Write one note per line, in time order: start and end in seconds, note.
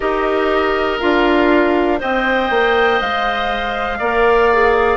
0.00 1.01 D#4
0.00 1.00 G4
0.00 1.98 A#4
0.00 0.99 D#5
0.99 2.01 D4
0.99 1.97 F4
0.99 1.99 F5
1.97 2.50 C4
1.97 3.98 C5
1.97 3.98 D#5
1.97 3.00 G5
2.50 3.00 A#3
3.00 3.99 G#3
3.00 4.97 F5
3.98 4.97 A#3
3.98 4.51 A#4
3.98 4.97 D5
4.52 4.97 G#4